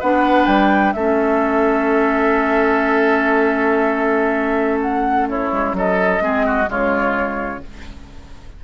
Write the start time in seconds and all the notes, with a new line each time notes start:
0.00 B3 D4 B4 F#5
0.46 G3 G5
0.93 A3 C#4 A4 E5
4.81 F#5
5.29 E4 C#5
5.52 G#3
5.73 F#3 A4 D#5
6.21 G#3 C4 G#4
6.46 F#4
6.64 C#3 G#3 F4
6.71 C#5